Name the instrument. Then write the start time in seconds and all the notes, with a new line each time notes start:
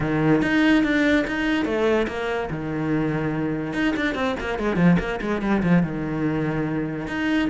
cello
0.00 D#3
0.41 D#4
0.83 D4
1.27 D#4
1.65 A3
2.07 A#3
2.50 D#3
3.73 D#4
3.96 D4
4.14 C4
4.39 A#3
4.59 G#3
4.76 F3
4.99 A#3
5.21 G#3
5.41 G3
5.62 F3
5.82 D#3
7.07 D#4